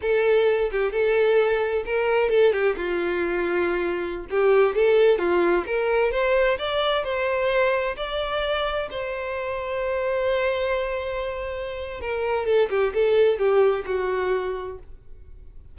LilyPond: \new Staff \with { instrumentName = "violin" } { \time 4/4 \tempo 4 = 130 a'4. g'8 a'2 | ais'4 a'8 g'8 f'2~ | f'4~ f'16 g'4 a'4 f'8.~ | f'16 ais'4 c''4 d''4 c''8.~ |
c''4~ c''16 d''2 c''8.~ | c''1~ | c''2 ais'4 a'8 g'8 | a'4 g'4 fis'2 | }